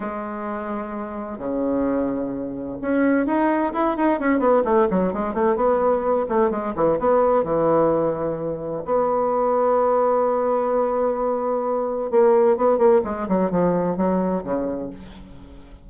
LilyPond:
\new Staff \with { instrumentName = "bassoon" } { \time 4/4 \tempo 4 = 129 gis2. cis4~ | cis2 cis'4 dis'4 | e'8 dis'8 cis'8 b8 a8 fis8 gis8 a8 | b4. a8 gis8 e8 b4 |
e2. b4~ | b1~ | b2 ais4 b8 ais8 | gis8 fis8 f4 fis4 cis4 | }